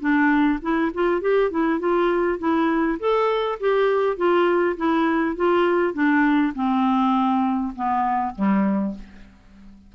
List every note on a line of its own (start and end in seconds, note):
0.00 0.59 D4
0.62 0.92 E4
0.94 1.21 F4
1.21 1.51 G4
1.51 1.80 E4
1.80 2.39 F4
2.39 2.98 E4
3.00 3.59 A4
3.60 4.17 G4
4.17 4.76 F4
4.77 5.36 E4
5.36 5.94 F4
5.94 6.53 D4
6.55 7.74 C4
7.76 8.35 B3
8.35 8.95 G3